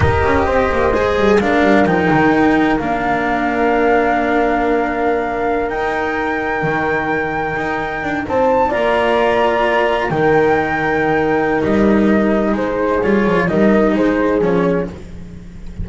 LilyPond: <<
  \new Staff \with { instrumentName = "flute" } { \time 4/4 \tempo 4 = 129 dis''2. f''4 | g''2 f''2~ | f''1~ | f''16 g''2.~ g''8.~ |
g''4.~ g''16 a''4 ais''4~ ais''16~ | ais''4.~ ais''16 g''2~ g''16~ | g''4 dis''2 c''4 | cis''4 dis''4 c''4 cis''4 | }
  \new Staff \with { instrumentName = "horn" } { \time 4/4 ais'4 c''2 ais'4~ | ais'1~ | ais'1~ | ais'1~ |
ais'4.~ ais'16 c''4 d''4~ d''16~ | d''4.~ d''16 ais'2~ ais'16~ | ais'2. gis'4~ | gis'4 ais'4 gis'2 | }
  \new Staff \with { instrumentName = "cello" } { \time 4/4 g'2 gis'4 d'4 | dis'2 d'2~ | d'1~ | d'16 dis'2.~ dis'8.~ |
dis'2~ dis'8. f'4~ f'16~ | f'4.~ f'16 dis'2~ dis'16~ | dis'1 | f'4 dis'2 cis'4 | }
  \new Staff \with { instrumentName = "double bass" } { \time 4/4 dis'8 cis'8 c'8 ais8 gis8 g8 gis8 g8 | f8 dis4. ais2~ | ais1~ | ais16 dis'2 dis4.~ dis16~ |
dis16 dis'4 d'8 c'4 ais4~ ais16~ | ais4.~ ais16 dis2~ dis16~ | dis4 g2 gis4 | g8 f8 g4 gis4 f4 | }
>>